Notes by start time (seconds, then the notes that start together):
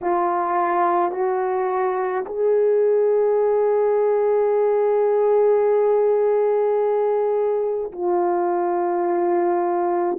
0.01 F4
1.11 F#4
2.25 G#4
7.91 F4